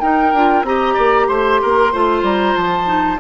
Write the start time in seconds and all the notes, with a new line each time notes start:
0.00 D#4 A#4 G5
0.33 D4 F4
0.63 C4 G4 D#5 A#5
0.94 A#3 D5
1.27 A3 C5 C6
1.62 A#3 A#4
1.92 A3 F4 C5
2.22 G3 A#5
2.56 F3 A5
2.85 D#4